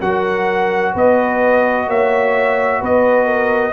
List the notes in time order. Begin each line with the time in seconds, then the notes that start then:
0.00 F#3 F#4 A#4 F#5
0.93 B3 B4 D#5
1.88 A#3 C#5 E5
2.81 B3 B4 D#5
3.25 A#4